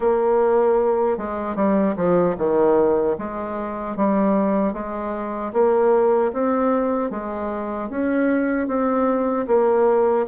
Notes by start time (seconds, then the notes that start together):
0.00 A#3
1.17 G#3
1.55 G3
1.96 F3
2.37 D#3
3.18 G#3
3.96 G3
4.73 G#3
5.53 A#3
6.32 C4
7.10 G#3
7.89 C#4
8.67 C4
9.47 A#3